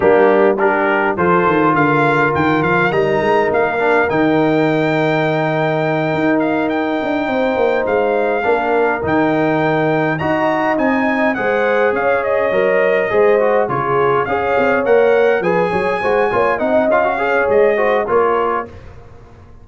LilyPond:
<<
  \new Staff \with { instrumentName = "trumpet" } { \time 4/4 \tempo 4 = 103 g'4 ais'4 c''4 f''4 | g''8 f''8 ais''4 f''4 g''4~ | g''2. f''8 g''8~ | g''4. f''2 g''8~ |
g''4. ais''4 gis''4 fis''8~ | fis''8 f''8 dis''2~ dis''8 cis''8~ | cis''8 f''4 fis''4 gis''4.~ | gis''8 fis''8 f''4 dis''4 cis''4 | }
  \new Staff \with { instrumentName = "horn" } { \time 4/4 d'4 g'4 a'4 ais'4~ | ais'1~ | ais'1~ | ais'8 c''2 ais'4.~ |
ais'4. dis''2 c''8~ | c''8 cis''2 c''4 gis'8~ | gis'8 cis''2 b'8 cis''8 c''8 | cis''8 dis''4 cis''4 c''8 ais'4 | }
  \new Staff \with { instrumentName = "trombone" } { \time 4/4 ais4 d'4 f'2~ | f'4 dis'4. d'8 dis'4~ | dis'1~ | dis'2~ dis'8 d'4 dis'8~ |
dis'4. fis'4 dis'4 gis'8~ | gis'4. ais'4 gis'8 fis'8 f'8~ | f'8 gis'4 ais'4 gis'4 fis'8 | f'8 dis'8 f'16 fis'16 gis'4 fis'8 f'4 | }
  \new Staff \with { instrumentName = "tuba" } { \time 4/4 g2 f8 dis8 d4 | dis8 f8 g8 gis8 ais4 dis4~ | dis2~ dis8 dis'4. | d'8 c'8 ais8 gis4 ais4 dis8~ |
dis4. dis'4 c'4 gis8~ | gis8 cis'4 fis4 gis4 cis8~ | cis8 cis'8 c'8 ais4 f8 fis8 gis8 | ais8 c'8 cis'4 gis4 ais4 | }
>>